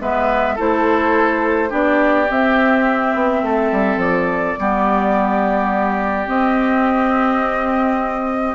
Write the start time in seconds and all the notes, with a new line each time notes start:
0.00 G#3 B3 B4 E5
0.55 A3 E4 A4 C5
1.69 B3 D4 G4 D5
2.30 C4 E5
3.14 B3
3.42 A3 A4
3.72 G3
3.97 F3 D5
4.57 G3 B3 G4
6.26 C4 D#5